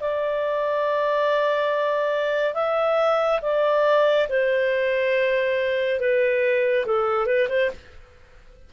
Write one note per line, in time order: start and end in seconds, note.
0.00 2.54 D5
2.54 3.40 E5
3.42 4.28 D5
4.29 6.00 C5
6.00 6.86 B4
6.86 7.27 A4
7.27 7.48 B4
7.49 7.71 C5